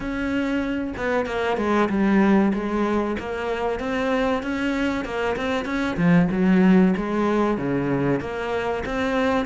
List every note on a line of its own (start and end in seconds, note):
0.00 0.93 C#4
0.96 1.25 B3
1.25 1.57 A#3
1.57 1.88 G#3
1.89 2.52 G3
2.53 3.16 G#3
3.19 3.79 A#3
3.79 4.42 C4
4.42 5.04 C#4
5.04 5.36 A#3
5.36 5.65 C4
5.65 5.96 C#4
5.96 6.28 F3
6.31 6.94 F#3
6.96 7.57 G#3
7.57 8.20 C#3
8.20 8.83 A#3
8.85 9.45 C4